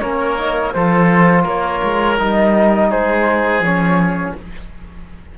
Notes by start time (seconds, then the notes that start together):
0.00 A#3 C#4 A#4 C#5
0.38 D#4
0.73 F3 F4 A4 C5
1.43 A#3 A#4 C#5
1.84 G#3
2.18 G3 D#4 D#5
2.90 G#3 G#4 C5
3.60 F3 C#4 C#5